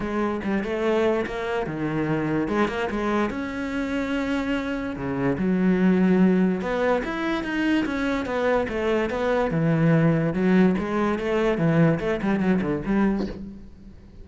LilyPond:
\new Staff \with { instrumentName = "cello" } { \time 4/4 \tempo 4 = 145 gis4 g8 a4. ais4 | dis2 gis8 ais8 gis4 | cis'1 | cis4 fis2. |
b4 e'4 dis'4 cis'4 | b4 a4 b4 e4~ | e4 fis4 gis4 a4 | e4 a8 g8 fis8 d8 g4 | }